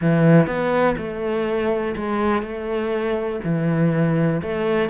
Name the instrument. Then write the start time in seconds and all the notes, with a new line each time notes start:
cello
0.01 E3
0.46 B3
0.97 A3
1.96 G#3
2.42 A3
3.44 E3
4.42 A3